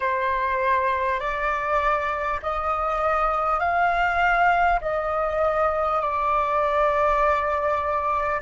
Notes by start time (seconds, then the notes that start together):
0.00 C5
1.19 D5
2.42 D#5
3.59 F5
4.81 D#5
6.00 D5